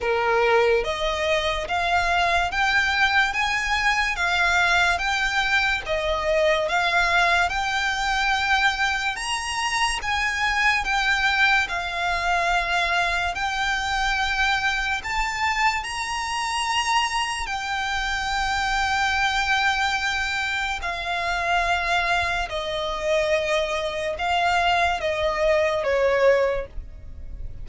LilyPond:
\new Staff \with { instrumentName = "violin" } { \time 4/4 \tempo 4 = 72 ais'4 dis''4 f''4 g''4 | gis''4 f''4 g''4 dis''4 | f''4 g''2 ais''4 | gis''4 g''4 f''2 |
g''2 a''4 ais''4~ | ais''4 g''2.~ | g''4 f''2 dis''4~ | dis''4 f''4 dis''4 cis''4 | }